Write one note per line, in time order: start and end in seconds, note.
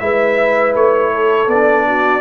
0.00 0.75 G#3
0.00 1.48 E4
0.00 1.13 B4
0.00 0.74 E5
0.75 1.48 A3
0.75 1.50 C#5
1.13 1.87 A4
1.48 2.21 B3
1.48 2.21 D5
1.54 2.21 D4
1.88 2.21 F#4